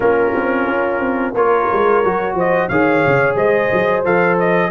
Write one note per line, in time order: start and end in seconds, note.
0.00 0.30 A#3
0.00 1.34 C#4
0.00 1.34 F4
0.00 1.34 A#4
0.34 0.66 C4
0.66 0.99 C#4
0.99 1.33 C4
1.34 1.67 A#3
1.34 2.04 F4
1.34 2.35 A#4
1.34 2.36 C#5
1.72 2.04 G#3
2.04 2.34 F#3
2.04 2.71 F#4
2.34 2.67 F3
2.34 2.69 C5
2.34 2.68 D#5
2.68 3.03 D#3
2.68 4.04 G#4
2.68 3.36 C#5
2.68 3.35 F5
3.06 3.35 C#3
3.35 3.69 G#3
3.35 4.71 C5
3.35 4.03 D#5
3.72 4.04 F#3
4.04 4.71 F3
4.04 4.71 A4
4.04 4.38 F5
4.39 4.71 D#5